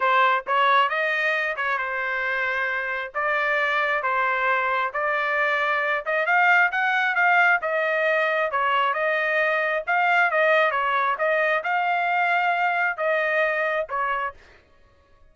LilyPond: \new Staff \with { instrumentName = "trumpet" } { \time 4/4 \tempo 4 = 134 c''4 cis''4 dis''4. cis''8 | c''2. d''4~ | d''4 c''2 d''4~ | d''4. dis''8 f''4 fis''4 |
f''4 dis''2 cis''4 | dis''2 f''4 dis''4 | cis''4 dis''4 f''2~ | f''4 dis''2 cis''4 | }